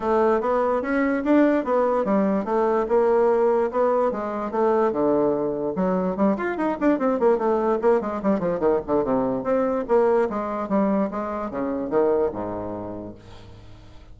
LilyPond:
\new Staff \with { instrumentName = "bassoon" } { \time 4/4 \tempo 4 = 146 a4 b4 cis'4 d'4 | b4 g4 a4 ais4~ | ais4 b4 gis4 a4 | d2 fis4 g8 f'8 |
dis'8 d'8 c'8 ais8 a4 ais8 gis8 | g8 f8 dis8 d8 c4 c'4 | ais4 gis4 g4 gis4 | cis4 dis4 gis,2 | }